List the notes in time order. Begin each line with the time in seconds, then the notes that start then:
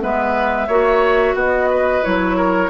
0.00 G#3 B3 B4 E5
0.67 A#3 F#4 C#5
1.34 B3 F#4 D#5
1.70 B4
2.02 F#3 E4 C#5
2.37 A#4